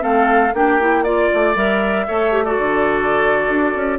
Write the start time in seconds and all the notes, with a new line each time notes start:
0.00 A3 C4 A4 F5
0.54 A#3 D4 G4 G5
0.81 E4
1.04 F4 D5
1.34 A3
1.55 G3 A#4 E5
2.07 A3 A4 C#5
2.32 G4
2.45 F#4 A4 D5
2.59 D3
3.50 D4
3.76 C#4